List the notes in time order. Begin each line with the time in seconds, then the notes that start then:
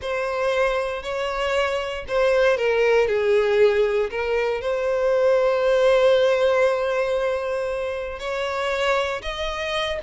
0.01 C5
1.02 C#5
2.08 C5
2.57 A#4
3.07 G#4
4.10 A#4
4.61 C5
8.19 C#5
9.22 D#5